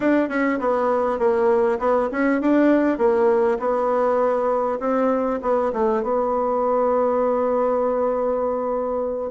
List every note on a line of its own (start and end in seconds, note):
0.00 0.28 D4
0.28 0.58 C#4
0.59 1.18 B3
1.18 1.78 A#3
1.79 2.09 B3
2.11 2.41 C#4
2.41 2.98 D4
2.98 3.58 A#3
3.59 4.79 B3
4.79 5.39 C4
5.41 5.72 B3
5.72 6.02 A3
6.02 9.30 B3